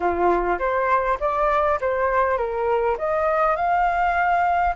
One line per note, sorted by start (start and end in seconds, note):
0.00 0.58 F4
0.58 1.18 C5
1.20 1.79 D5
1.81 2.37 C5
2.37 2.96 A#4
2.98 3.55 D#5
3.55 4.74 F5